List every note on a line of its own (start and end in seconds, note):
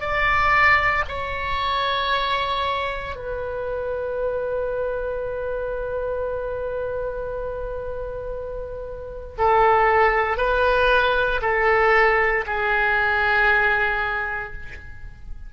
0.00 1.03 D5
1.08 3.15 C#5
3.15 9.36 B4
9.38 10.37 A4
10.37 11.40 B4
11.41 12.45 A4
12.46 14.53 G#4